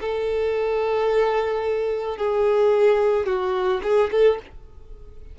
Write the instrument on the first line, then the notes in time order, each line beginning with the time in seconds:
violin
0.00 A4
2.17 G#4
3.26 F#4
3.82 G#4
4.11 A4